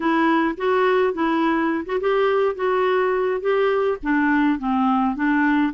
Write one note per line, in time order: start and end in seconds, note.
0.00 0.55 E4
0.57 1.13 F#4
1.13 1.84 E4
1.85 2.00 F#4
2.00 2.55 G4
2.55 3.40 F#4
3.40 3.97 G4
4.03 4.58 D4
4.58 5.15 C4
5.15 5.72 D4